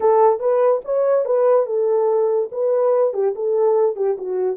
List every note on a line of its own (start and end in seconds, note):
0.00 0.39 A4
0.39 0.81 B4
0.84 1.25 C#5
1.25 1.66 B4
1.66 2.49 A4
2.51 3.13 B4
3.13 3.34 G4
3.35 3.96 A4
3.96 4.16 G4
4.18 4.56 F#4